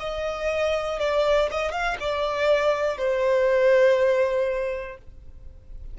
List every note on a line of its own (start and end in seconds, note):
0.00 0.99 D#5
0.99 1.49 D5
1.51 1.72 D#5
1.72 1.97 F5
2.00 2.98 D5
2.98 4.98 C5